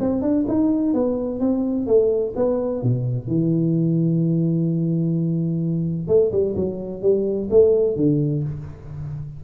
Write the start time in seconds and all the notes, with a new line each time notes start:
0.00 C4
0.22 D4
0.48 D#4
0.94 B3
1.40 C4
1.87 A3
2.36 B3
2.83 B2
3.28 E3
6.08 A3
6.32 G3
6.56 F#3
7.02 G3
7.51 A3
7.96 D3